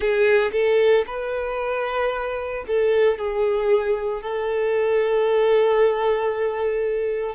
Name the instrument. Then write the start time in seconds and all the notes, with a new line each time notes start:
violin
0.00 G#4
0.52 A4
1.06 B4
2.67 A4
3.18 G#4
4.22 A4